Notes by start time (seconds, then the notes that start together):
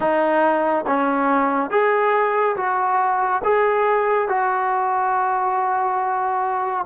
0.00 D#4
0.86 C#4
1.70 G#4
2.56 F#4
3.44 G#4
4.28 F#4